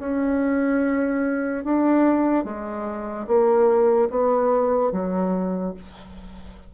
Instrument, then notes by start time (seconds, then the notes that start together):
bassoon
0.00 C#4
1.65 D4
2.45 G#3
3.27 A#3
4.10 B3
4.92 F#3